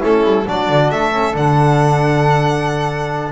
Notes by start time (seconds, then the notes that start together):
0.00 A3 C#4 E4 A4
0.24 G3
0.47 F#3 D4 F#4 D5
0.69 D3
0.91 A3 A4 E5
1.12 C#4
1.33 D3 D4 F#5